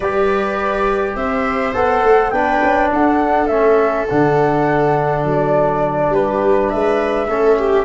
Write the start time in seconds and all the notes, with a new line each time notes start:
0.00 G3 G4 B4 D5
1.15 C4 C5 E5
1.73 B3 A4 F#5
2.02 A3
2.30 B3 D4 B4 G5
2.62 C#4
2.93 D4 A4 F#5
3.47 A3 C#4 E5
4.08 D3 D4 F#5
5.24 F#3 D5
6.09 G3 G4 B4
6.69 G#3 B4 E5
7.27 A3 C#4 A4
7.57 G4